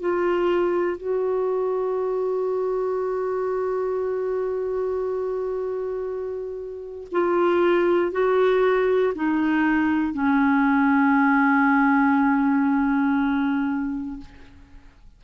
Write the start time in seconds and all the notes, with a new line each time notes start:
0.00 F4
0.97 F#4
7.11 F4
8.11 F#4
9.15 D#4
10.13 C#4